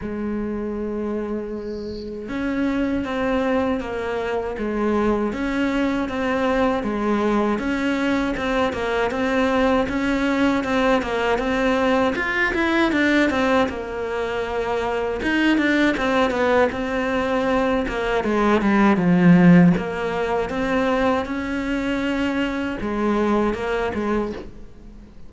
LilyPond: \new Staff \with { instrumentName = "cello" } { \time 4/4 \tempo 4 = 79 gis2. cis'4 | c'4 ais4 gis4 cis'4 | c'4 gis4 cis'4 c'8 ais8 | c'4 cis'4 c'8 ais8 c'4 |
f'8 e'8 d'8 c'8 ais2 | dis'8 d'8 c'8 b8 c'4. ais8 | gis8 g8 f4 ais4 c'4 | cis'2 gis4 ais8 gis8 | }